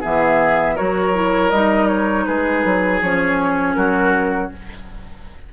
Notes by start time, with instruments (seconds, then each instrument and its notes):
0.00 bassoon E3, clarinet B3, oboe G#4, flute E5
0.75 bassoon F#3, clarinet F#4, oboe A#4, flute C#5
1.13 clarinet E4
1.50 bassoon G3, clarinet D#4, flute D#5
1.88 flute C#5
2.25 bassoon G#3, oboe G#4, flute B4
2.64 bassoon F#3
3.01 bassoon F3, clarinet C#4, flute C#5
3.74 bassoon F#3, oboe F#4, flute A#4